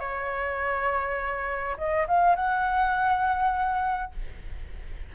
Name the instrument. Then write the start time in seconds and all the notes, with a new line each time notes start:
flute
0.00 C#5
1.78 D#5
2.08 F5
2.36 F#5